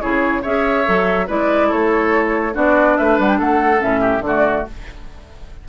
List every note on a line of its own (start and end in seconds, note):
0.00 0.45 C#3
0.00 0.43 E4
0.00 0.42 G#4
0.00 0.42 C#5
0.42 0.87 C#4
0.42 0.84 G#4
0.42 1.26 C#5
0.42 1.28 E5
0.84 1.29 F#3
0.84 1.27 A4
1.26 1.71 G#3
1.26 2.53 E4
1.26 1.67 B4
1.26 1.71 D5
1.67 2.55 A3
1.67 2.52 A4
1.67 2.55 C#5
2.53 2.97 B3
2.53 3.78 D4
2.53 2.96 F#4
2.53 2.97 D5
2.97 3.18 A3
2.97 3.38 B4
2.97 3.18 E5
3.18 3.40 G3
3.18 3.28 F#5
3.28 3.39 G5
3.38 3.82 A3
3.38 4.00 A4
3.38 3.82 F#5
3.78 4.20 A2
3.78 4.20 C#4
3.78 4.24 E5
4.00 4.21 G4
4.20 4.63 D3
4.20 4.68 A3
4.20 4.68 F#4
4.20 4.67 D5